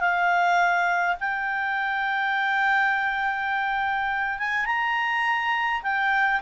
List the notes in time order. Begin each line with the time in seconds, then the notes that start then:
0.00 F5
1.20 G5
4.39 G#5
4.66 A#5
5.83 G5